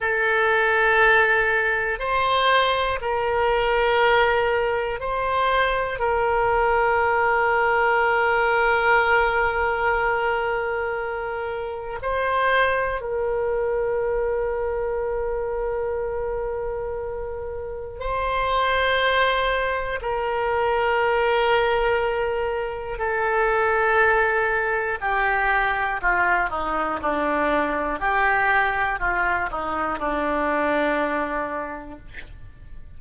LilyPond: \new Staff \with { instrumentName = "oboe" } { \time 4/4 \tempo 4 = 60 a'2 c''4 ais'4~ | ais'4 c''4 ais'2~ | ais'1 | c''4 ais'2.~ |
ais'2 c''2 | ais'2. a'4~ | a'4 g'4 f'8 dis'8 d'4 | g'4 f'8 dis'8 d'2 | }